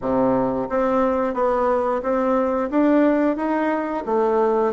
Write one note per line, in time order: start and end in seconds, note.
0.01 0.68 C3
0.69 1.34 C4
1.34 2.01 B3
2.02 2.69 C4
2.70 3.36 D4
3.36 4.03 D#4
4.06 4.73 A3